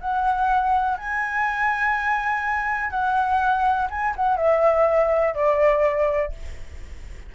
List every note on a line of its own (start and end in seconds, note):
0.00 0.97 F#5
0.97 2.90 G#5
2.90 3.88 F#5
3.90 4.14 G#5
4.16 4.37 F#5
4.37 5.34 E5
5.34 6.32 D5